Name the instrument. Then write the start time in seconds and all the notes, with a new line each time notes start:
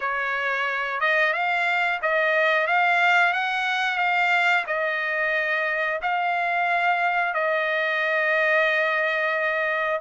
trumpet
0.00 C#5
1.00 D#5
1.33 F5
2.02 D#5
2.67 F5
3.33 F#5
3.98 F5
4.66 D#5
6.02 F5
7.33 D#5